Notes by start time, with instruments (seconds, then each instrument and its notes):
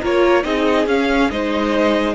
0.00 cello A#3, viola F4, violin A#4 C#5
0.43 cello C4, viola D#4, violin G#4 D#5
0.86 cello C#4, viola C#4, violin F5
1.30 cello G#3, viola D#4, violin C5 D#5